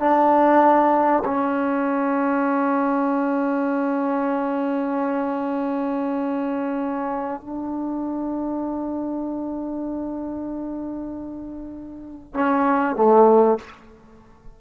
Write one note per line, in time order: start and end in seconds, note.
0.00 1.24 D4
1.25 7.41 C#4
7.41 12.35 D4
12.35 12.96 C#4
12.96 13.58 A3